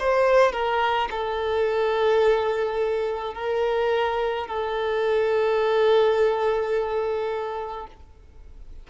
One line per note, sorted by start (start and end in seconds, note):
0.00 0.52 C5
0.52 1.09 A#4
1.11 3.34 A4
3.34 4.48 A#4
4.48 7.87 A4